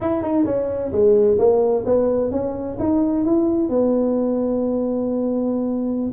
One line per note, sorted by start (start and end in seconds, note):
0.00 0.22 E4
0.22 0.45 D#4
0.45 0.91 C#4
0.92 1.38 G#3
1.38 1.84 A#3
1.85 2.31 B3
2.31 2.77 C#4
2.79 3.25 D#4
3.25 3.69 E4
3.69 6.11 B3